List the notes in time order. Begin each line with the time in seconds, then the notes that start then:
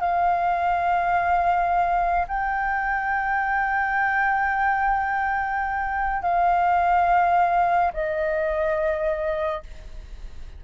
0.00 F5
2.28 G5
6.22 F5
7.93 D#5